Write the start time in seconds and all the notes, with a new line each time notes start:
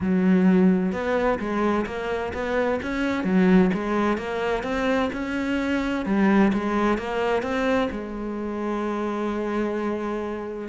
0.01 F#3
0.92 B3
1.39 G#3
1.86 A#3
2.33 B3
2.82 C#4
3.24 F#3
3.73 G#3
4.17 A#3
4.63 C4
5.12 C#4
6.05 G3
6.53 G#3
6.98 A#3
7.42 C4
7.91 G#3